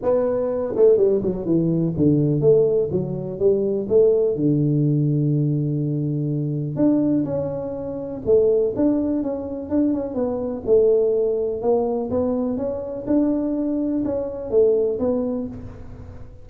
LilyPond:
\new Staff \with { instrumentName = "tuba" } { \time 4/4 \tempo 4 = 124 b4. a8 g8 fis8 e4 | d4 a4 fis4 g4 | a4 d2.~ | d2 d'4 cis'4~ |
cis'4 a4 d'4 cis'4 | d'8 cis'8 b4 a2 | ais4 b4 cis'4 d'4~ | d'4 cis'4 a4 b4 | }